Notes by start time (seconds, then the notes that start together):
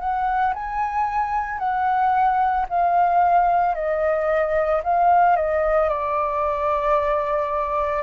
0.00 F#5
0.54 G#5
1.59 F#5
2.69 F5
3.75 D#5
4.83 F5
5.36 D#5
5.89 D5